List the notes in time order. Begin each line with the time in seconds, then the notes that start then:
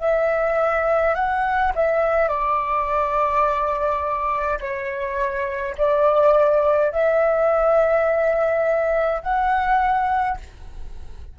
0.00 E5
1.15 F#5
1.76 E5
2.29 D5
4.60 C#5
5.77 D5
6.92 E5
9.22 F#5